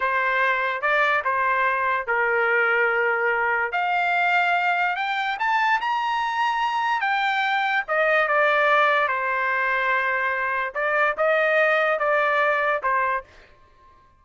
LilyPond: \new Staff \with { instrumentName = "trumpet" } { \time 4/4 \tempo 4 = 145 c''2 d''4 c''4~ | c''4 ais'2.~ | ais'4 f''2. | g''4 a''4 ais''2~ |
ais''4 g''2 dis''4 | d''2 c''2~ | c''2 d''4 dis''4~ | dis''4 d''2 c''4 | }